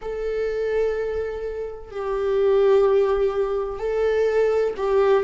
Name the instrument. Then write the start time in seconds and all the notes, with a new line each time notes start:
viola
0.01 A4
1.91 G4
3.79 A4
4.77 G4